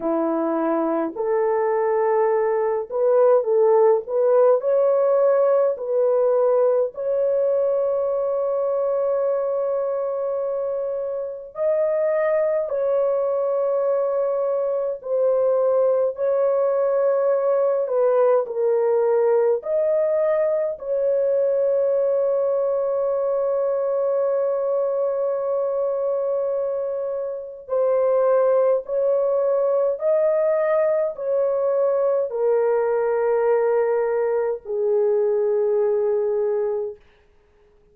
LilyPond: \new Staff \with { instrumentName = "horn" } { \time 4/4 \tempo 4 = 52 e'4 a'4. b'8 a'8 b'8 | cis''4 b'4 cis''2~ | cis''2 dis''4 cis''4~ | cis''4 c''4 cis''4. b'8 |
ais'4 dis''4 cis''2~ | cis''1 | c''4 cis''4 dis''4 cis''4 | ais'2 gis'2 | }